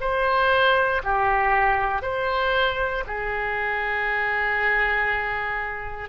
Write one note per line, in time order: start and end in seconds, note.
0.00 1.02 C5
1.04 2.02 G4
2.02 3.03 C5
3.06 6.09 G#4